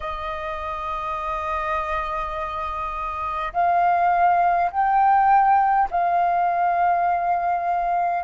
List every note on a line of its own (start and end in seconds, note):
0.00 3.52 D#5
3.53 4.71 F5
4.71 5.88 G5
5.90 8.24 F5